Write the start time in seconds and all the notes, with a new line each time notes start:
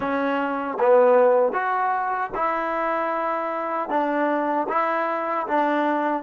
0.00 C#4
0.79 B3
1.52 F#4
2.34 E4
3.89 D4
4.68 E4
5.47 D4